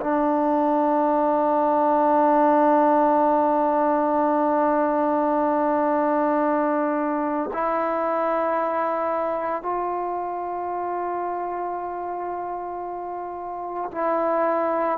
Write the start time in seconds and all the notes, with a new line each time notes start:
0.00 D4
7.53 E4
9.62 F4
13.91 E4